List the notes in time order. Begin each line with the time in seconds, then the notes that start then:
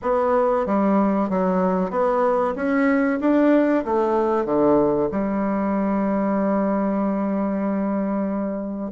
0.02 B3
0.66 G3
1.29 F#3
1.90 B3
2.55 C#4
3.20 D4
3.84 A3
4.45 D3
5.11 G3